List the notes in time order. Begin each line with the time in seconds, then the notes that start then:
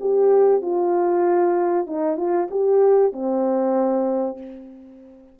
0.00 G4
0.62 F4
1.87 D#4
2.17 F4
2.51 G4
3.12 C4